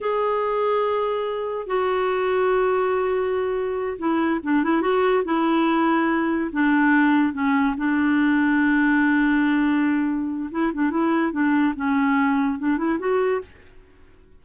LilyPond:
\new Staff \with { instrumentName = "clarinet" } { \time 4/4 \tempo 4 = 143 gis'1 | fis'1~ | fis'4. e'4 d'8 e'8 fis'8~ | fis'8 e'2. d'8~ |
d'4. cis'4 d'4.~ | d'1~ | d'4 e'8 d'8 e'4 d'4 | cis'2 d'8 e'8 fis'4 | }